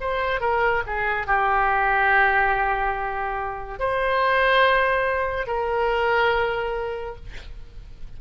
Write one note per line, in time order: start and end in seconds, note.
0.00 0.40 C5
0.40 0.82 A#4
0.86 1.26 G#4
1.26 3.79 G4
3.79 5.46 C5
5.46 7.15 A#4